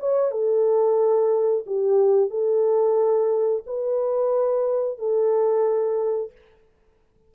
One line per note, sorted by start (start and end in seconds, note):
0.00 0.32 C#5
0.32 1.65 A4
1.66 2.30 G4
2.30 3.63 A4
3.66 4.98 B4
4.98 6.32 A4